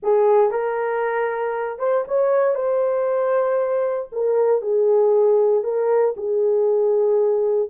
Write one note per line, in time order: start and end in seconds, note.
0.03 0.50 G#4
0.50 1.79 A#4
1.79 2.04 C5
2.07 2.55 C#5
2.55 4.08 C5
4.12 4.61 A#4
4.61 5.63 G#4
5.63 6.14 A#4
6.16 7.69 G#4